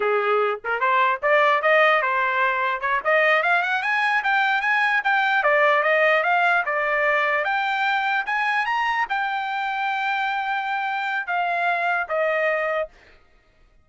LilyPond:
\new Staff \with { instrumentName = "trumpet" } { \time 4/4 \tempo 4 = 149 gis'4. ais'8 c''4 d''4 | dis''4 c''2 cis''8 dis''8~ | dis''8 f''8 fis''8 gis''4 g''4 gis''8~ | gis''8 g''4 d''4 dis''4 f''8~ |
f''8 d''2 g''4.~ | g''8 gis''4 ais''4 g''4.~ | g''1 | f''2 dis''2 | }